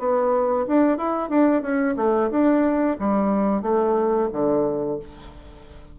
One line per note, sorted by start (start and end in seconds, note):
0.00 0.67 B3
0.68 0.98 D4
0.98 1.30 E4
1.30 1.62 D4
1.62 1.96 C#4
1.97 2.30 A3
2.31 2.98 D4
3.00 3.62 G3
3.62 4.29 A3
4.33 5.00 D3